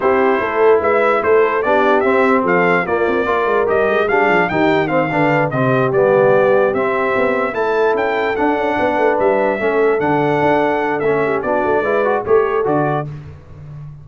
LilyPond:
<<
  \new Staff \with { instrumentName = "trumpet" } { \time 4/4 \tempo 4 = 147 c''2 e''4 c''4 | d''4 e''4 f''4 d''4~ | d''4 dis''4 f''4 g''4 | f''4. dis''4 d''4.~ |
d''8 e''2 a''4 g''8~ | g''8 fis''2 e''4.~ | e''8 fis''2~ fis''8 e''4 | d''2 cis''4 d''4 | }
  \new Staff \with { instrumentName = "horn" } { \time 4/4 g'4 a'4 b'4 a'4 | g'2 a'4 f'4 | ais'2 gis'4 g'4 | c''8 b'4 g'2~ g'8~ |
g'2~ g'8 a'4.~ | a'4. b'2 a'8~ | a'2.~ a'8 g'8 | fis'4 b'4 a'2 | }
  \new Staff \with { instrumentName = "trombone" } { \time 4/4 e'1 | d'4 c'2 ais4 | f'4 g'4 d'4 dis'4 | c'8 d'4 c'4 b4.~ |
b8 c'2 e'4.~ | e'8 d'2. cis'8~ | cis'8 d'2~ d'8 cis'4 | d'4 e'8 fis'8 g'4 fis'4 | }
  \new Staff \with { instrumentName = "tuba" } { \time 4/4 c'4 a4 gis4 a4 | b4 c'4 f4 ais8 c'8 | ais8 gis8 g8 gis8 g8 f8 dis4~ | dis8 d4 c4 g4.~ |
g8 c'4 b4 a4 cis'8~ | cis'8 d'8 cis'8 b8 a8 g4 a8~ | a8 d4 d'4. a4 | b8 a8 gis4 a4 d4 | }
>>